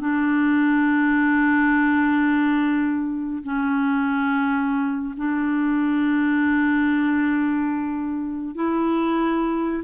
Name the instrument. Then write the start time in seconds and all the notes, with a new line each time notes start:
clarinet
0.00 D4
3.43 C#4
5.17 D4
8.55 E4